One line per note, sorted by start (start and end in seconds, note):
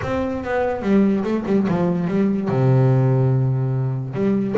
0.02 0.43 C4
0.44 0.82 B3
0.82 1.23 G3
1.23 1.44 A3
1.46 1.66 G3
1.68 2.07 F3
2.07 2.48 G3
2.48 4.14 C3
4.14 4.55 G3